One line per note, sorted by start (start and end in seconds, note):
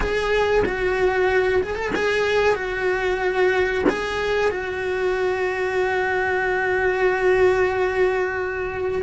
0.00 0.63 G#4
0.65 1.61 F#4
1.62 1.75 G#4
1.75 1.91 A4
1.95 2.55 G#4
2.55 3.84 F#4
3.89 4.50 G#4
4.50 9.02 F#4